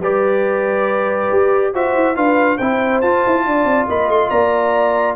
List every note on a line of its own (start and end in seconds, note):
0.00 1.29 G3
0.00 1.74 G4
0.00 1.74 B4
0.00 1.75 D5
1.32 1.75 G4
1.74 1.96 F4
1.74 2.16 F#4
1.74 2.17 C5
1.74 2.16 E5
1.96 2.17 E4
2.16 2.60 D4
2.16 2.59 F4
2.16 2.58 B4
2.16 2.58 F5
2.58 3.03 C4
2.58 3.04 E4
2.58 3.43 C5
2.58 3.01 G5
3.02 3.25 F4
3.02 5.17 F4
3.02 3.87 A5
3.27 3.47 E4
3.47 3.65 D4
3.47 3.89 D5
3.65 3.86 C4
3.89 4.09 A#3
3.89 4.31 D#5
3.89 4.11 B5
4.09 4.30 A3
4.09 4.30 C6
4.30 5.17 A#3
4.30 5.17 D5
4.30 5.16 A#5